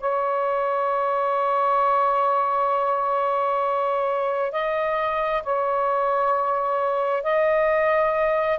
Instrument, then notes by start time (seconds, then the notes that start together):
saxophone
0.00 C#5
4.52 D#5
5.43 C#5
7.23 D#5